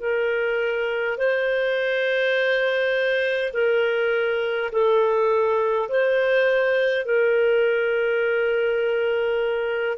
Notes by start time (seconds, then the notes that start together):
0.00 A#4
1.18 C5
3.53 A#4
4.72 A4
5.89 C5
7.05 A#4